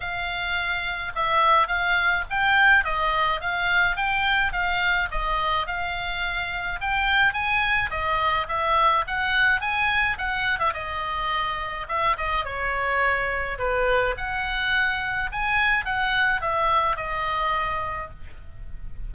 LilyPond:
\new Staff \with { instrumentName = "oboe" } { \time 4/4 \tempo 4 = 106 f''2 e''4 f''4 | g''4 dis''4 f''4 g''4 | f''4 dis''4 f''2 | g''4 gis''4 dis''4 e''4 |
fis''4 gis''4 fis''8. e''16 dis''4~ | dis''4 e''8 dis''8 cis''2 | b'4 fis''2 gis''4 | fis''4 e''4 dis''2 | }